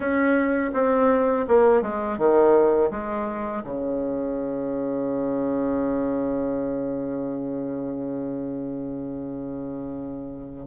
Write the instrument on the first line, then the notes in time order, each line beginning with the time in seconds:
bassoon
0.00 C#4
0.73 C4
1.48 A#3
1.82 G#3
2.18 D#3
2.90 G#3
3.63 C#3